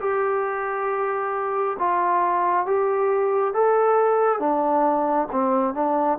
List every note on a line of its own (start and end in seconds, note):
0.00 1.76 G4
1.79 2.66 F4
2.66 3.54 G4
3.54 4.39 A4
4.39 5.27 D4
5.31 5.74 C4
5.74 6.18 D4